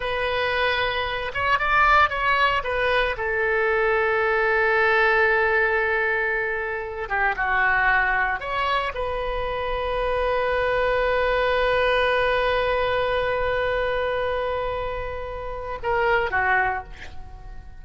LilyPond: \new Staff \with { instrumentName = "oboe" } { \time 4/4 \tempo 4 = 114 b'2~ b'8 cis''8 d''4 | cis''4 b'4 a'2~ | a'1~ | a'4. g'8 fis'2 |
cis''4 b'2.~ | b'1~ | b'1~ | b'2 ais'4 fis'4 | }